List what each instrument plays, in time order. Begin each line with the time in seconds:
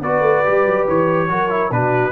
0.00 tuba B3, trombone F#4, horn B4, trumpet D5
0.20 tuba A3
0.44 tuba G3, trombone G4
0.66 tuba F#3
0.87 tuba E3, trumpet C#5
1.29 tuba F#3, trombone F#4, horn A#4
1.49 trombone E4
1.70 tuba B2, trombone D4, horn F#4, trumpet B4